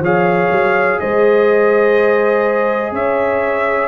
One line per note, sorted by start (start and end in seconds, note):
0.00 0.48 F3
0.00 3.88 G#4
0.00 0.99 C#5
0.00 0.99 F5
0.51 0.99 F#3
0.99 2.92 G#3
0.99 2.94 C5
0.99 2.93 D#5
2.92 3.88 C#4
2.92 3.88 C#5
2.92 3.88 E5